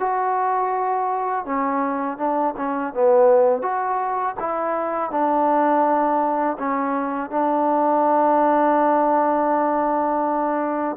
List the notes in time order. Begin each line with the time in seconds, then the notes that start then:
0.00 F#4
1.45 C#4
2.18 D4
2.57 C#4
2.94 B3
3.63 F#4
4.40 E4
5.11 D4
6.59 C#4
7.31 D4